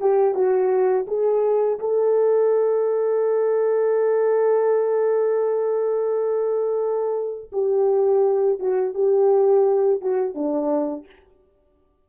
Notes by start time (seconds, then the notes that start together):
0.00 G4
0.34 F#4
1.07 G#4
1.80 A4
7.52 G4
8.59 F#4
8.94 G4
10.01 F#4
10.34 D4